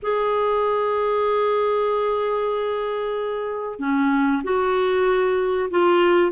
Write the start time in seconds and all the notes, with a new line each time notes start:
0.02 G#4
3.79 C#4
4.43 F#4
5.70 F4